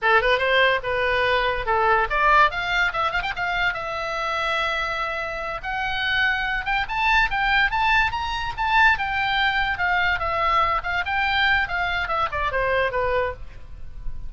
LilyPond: \new Staff \with { instrumentName = "oboe" } { \time 4/4 \tempo 4 = 144 a'8 b'8 c''4 b'2 | a'4 d''4 f''4 e''8 f''16 g''16 | f''4 e''2.~ | e''4. fis''2~ fis''8 |
g''8 a''4 g''4 a''4 ais''8~ | ais''8 a''4 g''2 f''8~ | f''8 e''4. f''8 g''4. | f''4 e''8 d''8 c''4 b'4 | }